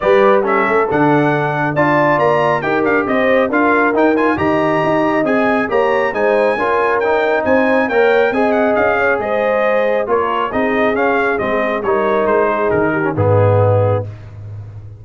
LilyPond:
<<
  \new Staff \with { instrumentName = "trumpet" } { \time 4/4 \tempo 4 = 137 d''4 e''4 fis''2 | a''4 ais''4 g''8 f''8 dis''4 | f''4 g''8 gis''8 ais''2 | gis''4 ais''4 gis''2 |
g''4 gis''4 g''4 gis''8 fis''8 | f''4 dis''2 cis''4 | dis''4 f''4 dis''4 cis''4 | c''4 ais'4 gis'2 | }
  \new Staff \with { instrumentName = "horn" } { \time 4/4 b'4 a'2. | d''2 ais'4 c''4 | ais'2 dis''2~ | dis''4 cis''4 c''4 ais'4~ |
ais'4 c''4 cis''4 dis''4~ | dis''8 cis''8 c''2 ais'4 | gis'2. ais'4~ | ais'8 gis'4 g'8 dis'2 | }
  \new Staff \with { instrumentName = "trombone" } { \time 4/4 g'4 cis'4 d'2 | f'2 g'2 | f'4 dis'8 f'8 g'2 | gis'4 g'4 dis'4 f'4 |
dis'2 ais'4 gis'4~ | gis'2. f'4 | dis'4 cis'4 c'4 dis'4~ | dis'4.~ dis'16 cis'16 b2 | }
  \new Staff \with { instrumentName = "tuba" } { \time 4/4 g4. a8 d2 | d'4 ais4 dis'8 d'8 c'4 | d'4 dis'4 dis4 dis'4 | c'4 ais4 gis4 cis'4~ |
cis'4 c'4 ais4 c'4 | cis'4 gis2 ais4 | c'4 cis'4 gis4 g4 | gis4 dis4 gis,2 | }
>>